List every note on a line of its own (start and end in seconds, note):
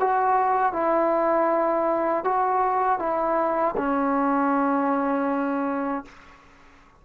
0.00 0.72 F#4
0.72 2.24 E4
2.24 2.99 F#4
2.99 3.75 E4
3.77 6.05 C#4